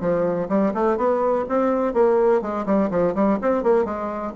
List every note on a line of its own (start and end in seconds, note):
0.00 0.48 F3
0.48 0.72 G3
0.74 0.97 A3
0.97 1.45 B3
1.48 1.93 C4
1.93 2.41 A#3
2.41 2.65 G#3
2.66 2.90 G3
2.90 3.14 F3
3.14 3.38 G3
3.41 3.63 C4
3.63 3.85 A#3
3.85 4.33 G#3